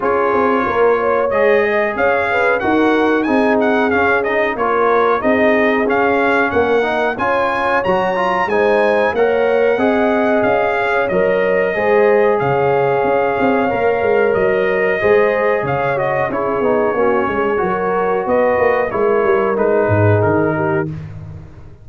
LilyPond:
<<
  \new Staff \with { instrumentName = "trumpet" } { \time 4/4 \tempo 4 = 92 cis''2 dis''4 f''4 | fis''4 gis''8 fis''8 f''8 dis''8 cis''4 | dis''4 f''4 fis''4 gis''4 | ais''4 gis''4 fis''2 |
f''4 dis''2 f''4~ | f''2 dis''2 | f''8 dis''8 cis''2. | dis''4 cis''4 b'4 ais'4 | }
  \new Staff \with { instrumentName = "horn" } { \time 4/4 gis'4 ais'8 cis''4 dis''8 cis''8 b'8 | ais'4 gis'2 ais'4 | gis'2 ais'4 cis''4~ | cis''4 c''4 cis''4 dis''4~ |
dis''8 cis''4. c''4 cis''4~ | cis''2. c''4 | cis''4 gis'4 fis'8 gis'8 ais'4 | b'4 ais'4. gis'4 g'8 | }
  \new Staff \with { instrumentName = "trombone" } { \time 4/4 f'2 gis'2 | fis'4 dis'4 cis'8 dis'8 f'4 | dis'4 cis'4. dis'8 f'4 | fis'8 f'8 dis'4 ais'4 gis'4~ |
gis'4 ais'4 gis'2~ | gis'4 ais'2 gis'4~ | gis'8 fis'8 e'8 dis'8 cis'4 fis'4~ | fis'4 e'4 dis'2 | }
  \new Staff \with { instrumentName = "tuba" } { \time 4/4 cis'8 c'8 ais4 gis4 cis'4 | dis'4 c'4 cis'4 ais4 | c'4 cis'4 ais4 cis'4 | fis4 gis4 ais4 c'4 |
cis'4 fis4 gis4 cis4 | cis'8 c'8 ais8 gis8 fis4 gis4 | cis4 cis'8 b8 ais8 gis8 fis4 | b8 ais8 gis8 g8 gis8 gis,8 dis4 | }
>>